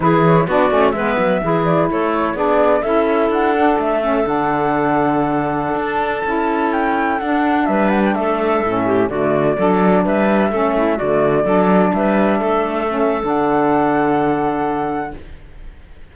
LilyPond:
<<
  \new Staff \with { instrumentName = "flute" } { \time 4/4 \tempo 4 = 127 b'8 cis''8 d''4 e''4. d''8 | cis''4 d''4 e''4 fis''4 | e''4 fis''2.~ | fis''16 a''2 g''4 fis''8.~ |
fis''16 e''8 fis''16 g''16 e''2 d''8.~ | d''4~ d''16 e''2 d''8.~ | d''4~ d''16 e''2~ e''8. | fis''1 | }
  \new Staff \with { instrumentName = "clarinet" } { \time 4/4 gis'4 fis'4 b'4 gis'4 | a'4 gis'4 a'2~ | a'1~ | a'1~ |
a'16 b'4 a'4. g'8 fis'8.~ | fis'16 a'4 b'4 a'8 e'8 fis'8.~ | fis'16 a'4 b'4 a'4.~ a'16~ | a'1 | }
  \new Staff \with { instrumentName = "saxophone" } { \time 4/4 e'4 d'8 cis'8 b4 e'4~ | e'4 d'4 e'4. d'8~ | d'8 cis'8 d'2.~ | d'4~ d'16 e'2 d'8.~ |
d'2~ d'16 cis'4 a8.~ | a16 d'2 cis'4 a8.~ | a16 d'2. cis'8. | d'1 | }
  \new Staff \with { instrumentName = "cello" } { \time 4/4 e4 b8 a8 gis8 fis8 e4 | a4 b4 cis'4 d'4 | a4 d2.~ | d16 d'4 cis'2 d'8.~ |
d'16 g4 a4 a,4 d8.~ | d16 fis4 g4 a4 d8.~ | d16 fis4 g4 a4.~ a16 | d1 | }
>>